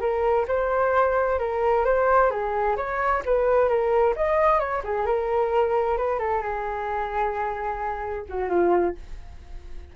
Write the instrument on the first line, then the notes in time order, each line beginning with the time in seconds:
flute
0.00 A#4
0.48 C5
1.39 A#4
1.85 C5
2.30 G#4
2.77 C#5
3.26 B4
3.68 A#4
4.16 D#5
4.59 C#5
4.84 G#4
5.06 A#4
5.98 B4
6.19 A4
6.42 G#4
8.29 F#4
8.49 F4